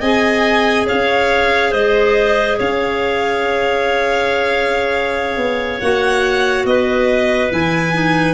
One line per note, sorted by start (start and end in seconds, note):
0.00 0.87 C4
0.00 5.81 G#4
0.00 0.86 D#5
0.00 0.86 G#5
0.86 1.73 C#4
0.86 1.71 C#5
0.86 1.73 F5
1.71 2.59 G#3
1.71 2.57 C5
1.71 2.59 D#5
2.58 5.37 C#4
2.58 6.65 C#5
2.58 5.80 F5
5.37 5.79 B3
5.80 6.64 A#3
5.80 7.50 F#4
5.80 6.66 F#5
6.64 7.50 B3
6.64 8.34 B4
6.64 7.51 D#5
7.50 8.34 E3
7.50 7.93 E4
7.50 8.34 G#5
7.93 8.34 D#4